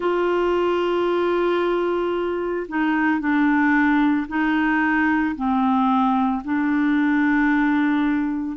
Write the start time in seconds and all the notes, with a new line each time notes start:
0.00 F4
2.68 D#4
3.19 D4
4.28 D#4
5.35 C4
6.44 D4